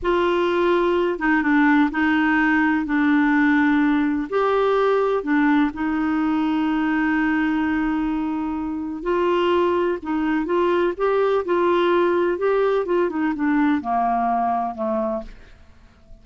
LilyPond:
\new Staff \with { instrumentName = "clarinet" } { \time 4/4 \tempo 4 = 126 f'2~ f'8 dis'8 d'4 | dis'2 d'2~ | d'4 g'2 d'4 | dis'1~ |
dis'2. f'4~ | f'4 dis'4 f'4 g'4 | f'2 g'4 f'8 dis'8 | d'4 ais2 a4 | }